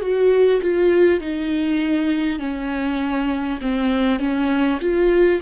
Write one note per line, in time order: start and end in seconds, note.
0.00 0.60 F#4
0.61 1.20 F4
1.20 2.39 D#4
2.39 3.59 C#4
3.61 4.19 C4
4.19 4.79 C#4
4.80 5.40 F4